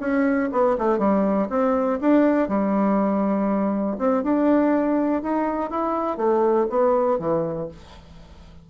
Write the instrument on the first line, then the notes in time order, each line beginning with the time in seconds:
bassoon
0.00 C#4
0.52 B3
0.78 A3
0.98 G3
1.50 C4
2.01 D4
2.48 G3
3.98 C4
4.23 D4
5.22 D#4
5.70 E4
6.17 A3
6.70 B3
7.19 E3